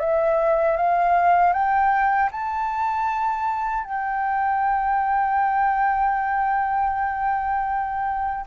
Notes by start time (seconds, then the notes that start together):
0.00 E5
0.77 F5
1.53 G5
2.31 A5
3.84 G5